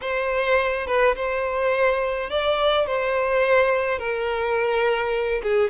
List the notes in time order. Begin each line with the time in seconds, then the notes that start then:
0.01 C5
0.86 B4
1.15 C5
2.30 D5
2.86 C5
3.98 A#4
5.42 G#4